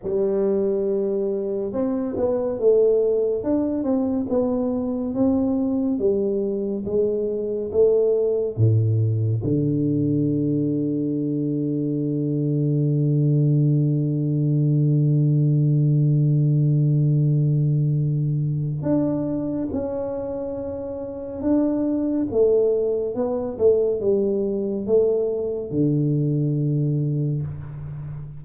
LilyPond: \new Staff \with { instrumentName = "tuba" } { \time 4/4 \tempo 4 = 70 g2 c'8 b8 a4 | d'8 c'8 b4 c'4 g4 | gis4 a4 a,4 d4~ | d1~ |
d1~ | d2 d'4 cis'4~ | cis'4 d'4 a4 b8 a8 | g4 a4 d2 | }